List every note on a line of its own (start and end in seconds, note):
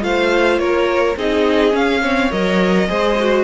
0.00 0.58 A3
0.00 1.14 F4
0.00 0.60 C5
0.00 0.58 F5
0.58 1.15 A#3
0.58 1.17 A#4
0.58 1.15 C#5
1.16 1.73 C4
1.16 1.71 D#4
1.16 2.02 G#4
1.16 1.75 D#5
1.71 1.99 C#4
1.71 2.30 C#4
1.71 2.31 F5
2.02 2.31 C4
2.02 2.87 C#5
2.31 2.89 F#3
2.31 2.88 A#4
2.31 3.43 D#5
2.88 3.43 G#3
2.88 3.17 G#4
2.88 3.43 C5
3.19 3.43 F#4